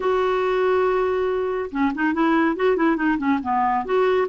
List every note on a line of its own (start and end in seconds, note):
0.00 1.70 F#4
1.71 1.92 C#4
1.94 2.13 D#4
2.13 2.55 E4
2.55 2.76 F#4
2.76 2.96 E4
2.96 3.17 D#4
3.17 3.39 C#4
3.42 3.85 B3
3.85 4.27 F#4